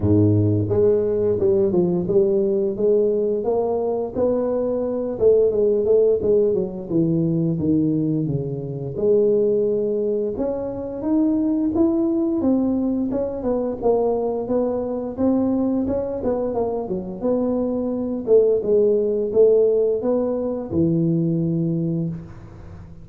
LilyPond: \new Staff \with { instrumentName = "tuba" } { \time 4/4 \tempo 4 = 87 gis,4 gis4 g8 f8 g4 | gis4 ais4 b4. a8 | gis8 a8 gis8 fis8 e4 dis4 | cis4 gis2 cis'4 |
dis'4 e'4 c'4 cis'8 b8 | ais4 b4 c'4 cis'8 b8 | ais8 fis8 b4. a8 gis4 | a4 b4 e2 | }